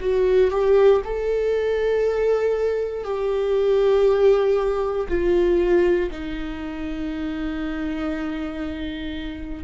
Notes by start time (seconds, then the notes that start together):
0.00 F#4
0.51 G4
1.04 A4
3.04 G4
5.08 F4
6.12 D#4